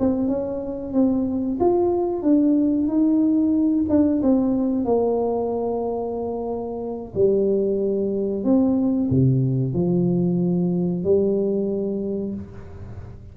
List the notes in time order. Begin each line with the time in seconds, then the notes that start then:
0.00 C4
0.29 C#4
0.94 C4
1.60 F4
2.23 D4
2.88 D#4
3.90 D4
4.23 C4
4.85 A#3
7.16 G3
8.45 C4
9.11 C3
9.74 F3
11.04 G3